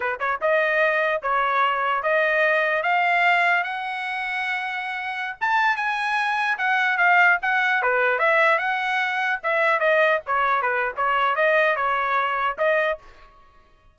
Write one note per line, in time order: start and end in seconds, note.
0.00 0.18 B4
0.19 0.39 C#5
0.41 1.22 D#5
1.22 2.03 C#5
2.03 2.82 D#5
2.82 3.63 F5
3.63 5.36 F#5
5.40 5.76 A5
5.76 6.57 G#5
6.58 6.97 F#5
6.97 7.38 F5
7.42 7.82 F#5
7.82 8.18 B4
8.18 8.58 E5
8.58 9.39 F#5
9.43 9.79 E5
9.79 10.20 D#5
10.26 10.61 C#5
10.61 10.92 B4
10.96 11.35 C#5
11.35 11.75 D#5
11.75 12.57 C#5
12.57 12.98 D#5